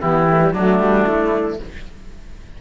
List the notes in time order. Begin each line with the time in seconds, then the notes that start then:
0.00 E3 B3 E4 G4
0.29 A3
0.41 G3
0.53 F#3 A3 D4 F#4
0.79 G3
1.06 A3 E4